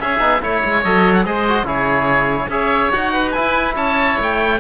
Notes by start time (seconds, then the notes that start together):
0.00 C#4 G#4 E5
0.19 B3 D#4
0.42 A3 E4 C#5
0.64 G#3
0.84 F#3 A4 D#5
1.14 F#5
1.25 G#3 G#4 C5 D#5
1.48 F#4
1.63 C#3 E4 G#4 C#5
2.48 C#4 G#4 C#5 E5
2.92 D#4 F#4 F#5
3.13 B4
3.31 E4 G#5
3.39 E4
3.75 C#4 C#5 A5
4.20 A3 G5